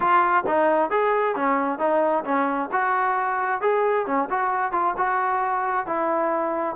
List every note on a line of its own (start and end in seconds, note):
0.00 0.44 F4
0.47 0.90 D#4
0.90 1.35 G#4
1.35 1.78 C#4
1.78 2.24 D#4
2.24 2.69 C#4
2.71 3.61 F#4
3.61 4.06 G#4
4.06 4.28 C#4
4.30 4.71 F#4
4.71 4.94 F4
4.97 5.86 F#4
5.86 6.75 E4